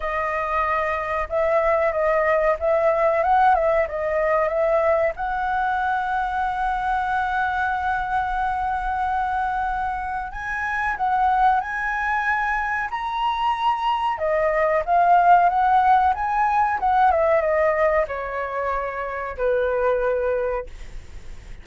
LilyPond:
\new Staff \with { instrumentName = "flute" } { \time 4/4 \tempo 4 = 93 dis''2 e''4 dis''4 | e''4 fis''8 e''8 dis''4 e''4 | fis''1~ | fis''1 |
gis''4 fis''4 gis''2 | ais''2 dis''4 f''4 | fis''4 gis''4 fis''8 e''8 dis''4 | cis''2 b'2 | }